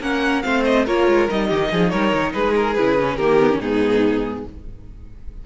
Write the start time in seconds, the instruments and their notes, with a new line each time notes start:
0.00 cello A#3, viola C#4, violin A#4 F#5
0.42 cello A3, viola C4, violin C5 F5
0.64 violin D#5
0.85 cello A#3, viola F4, violin A#4 C#5
1.07 cello G#3
1.28 cello G3, viola D#4, violin D#5
1.48 cello D#3, violin G4
1.71 cello F3, violin G#4
1.90 cello G3, violin A#4 C#5
2.14 cello D#3
2.32 cello G#3, violin G#4 B4
2.56 violin A#4
2.74 cello C#3, viola E4, violin B4
2.98 viola C#4
3.16 cello D#3, viola A#3, violin G4 A#4
3.40 viola B3
3.50 viola C#4
3.59 cello G#2, viola B3, violin D#4 G#4